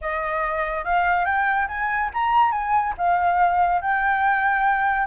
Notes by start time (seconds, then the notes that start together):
0.01 D#5
0.84 F5
1.25 G5
1.68 G#5
2.13 A#5
2.51 G#5
2.97 F5
3.81 G5